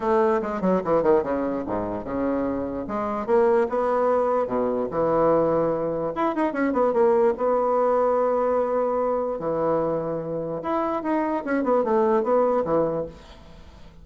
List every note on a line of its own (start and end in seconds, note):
0.00 0.41 A3
0.41 0.61 G#3
0.61 0.81 F#3
0.84 1.02 E3
1.02 1.22 D#3
1.22 1.63 C#3
1.66 2.04 G#2
2.04 2.86 C#3
2.87 3.26 G#3
3.26 3.67 A#3
3.69 4.47 B3
4.47 4.87 B2
4.90 6.13 E3
6.15 6.35 E4
6.35 6.52 D#4
6.52 6.72 C#4
6.72 6.93 B3
6.93 7.33 A#3
7.37 9.39 B3
9.39 10.61 E3
10.62 11.03 E4
11.03 11.43 D#4
11.44 11.63 C#4
11.63 11.83 B3
11.84 12.23 A3
12.23 12.64 B3
12.64 13.05 E3